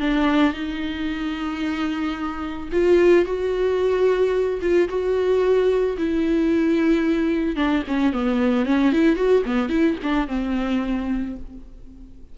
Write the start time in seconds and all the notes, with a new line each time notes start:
0.00 D4
0.53 D#4
2.72 F4
3.25 F#4
4.61 F4
4.89 F#4
5.98 E4
7.56 D4
7.87 C#4
8.13 B3
8.65 C#4
8.93 E4
9.16 F#4
9.45 B3
9.69 E4
10.03 D4
10.28 C4